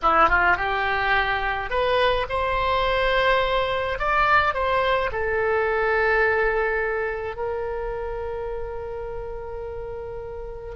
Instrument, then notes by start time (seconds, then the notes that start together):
oboe
0.02 E4
0.28 F4
0.57 G4
1.70 B4
2.29 C5
3.98 D5
4.53 C5
5.11 A4
7.36 A#4